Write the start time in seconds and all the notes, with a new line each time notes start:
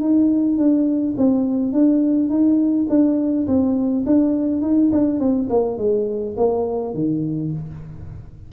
0.00 D#4
0.57 D4
1.17 C4
1.72 D4
2.29 D#4
2.89 D4
3.47 C4
4.06 D4
4.62 D#4
4.92 D4
5.19 C4
5.49 A#3
5.78 G#3
6.37 A#3
6.94 D#3